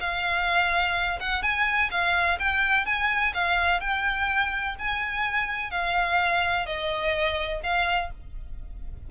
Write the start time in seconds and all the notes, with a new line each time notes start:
0.00 F5
1.20 F#5
1.42 G#5
1.91 F5
2.39 G5
2.85 G#5
3.34 F5
3.80 G5
4.79 G#5
5.71 F5
6.66 D#5
7.63 F5